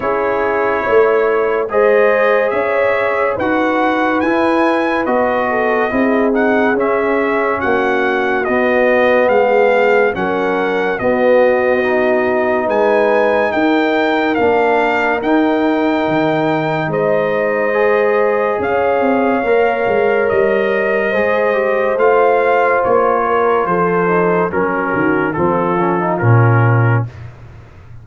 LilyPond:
<<
  \new Staff \with { instrumentName = "trumpet" } { \time 4/4 \tempo 4 = 71 cis''2 dis''4 e''4 | fis''4 gis''4 dis''4. fis''8 | e''4 fis''4 dis''4 f''4 | fis''4 dis''2 gis''4 |
g''4 f''4 g''2 | dis''2 f''2 | dis''2 f''4 cis''4 | c''4 ais'4 a'4 ais'4 | }
  \new Staff \with { instrumentName = "horn" } { \time 4/4 gis'4 cis''4 c''4 cis''4 | b'2~ b'8 a'8 gis'4~ | gis'4 fis'2 gis'4 | ais'4 fis'2 b'4 |
ais'1 | c''2 cis''2~ | cis''4 c''2~ c''8 ais'8 | a'4 ais'8 fis'8 f'2 | }
  \new Staff \with { instrumentName = "trombone" } { \time 4/4 e'2 gis'2 | fis'4 e'4 fis'4 e'8 dis'8 | cis'2 b2 | cis'4 b4 dis'2~ |
dis'4 d'4 dis'2~ | dis'4 gis'2 ais'4~ | ais'4 gis'8 g'8 f'2~ | f'8 dis'8 cis'4 c'8 cis'16 dis'16 cis'4 | }
  \new Staff \with { instrumentName = "tuba" } { \time 4/4 cis'4 a4 gis4 cis'4 | dis'4 e'4 b4 c'4 | cis'4 ais4 b4 gis4 | fis4 b2 gis4 |
dis'4 ais4 dis'4 dis4 | gis2 cis'8 c'8 ais8 gis8 | g4 gis4 a4 ais4 | f4 fis8 dis8 f4 ais,4 | }
>>